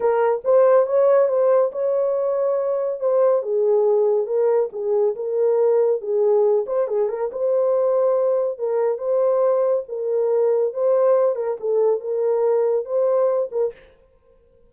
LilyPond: \new Staff \with { instrumentName = "horn" } { \time 4/4 \tempo 4 = 140 ais'4 c''4 cis''4 c''4 | cis''2. c''4 | gis'2 ais'4 gis'4 | ais'2 gis'4. c''8 |
gis'8 ais'8 c''2. | ais'4 c''2 ais'4~ | ais'4 c''4. ais'8 a'4 | ais'2 c''4. ais'8 | }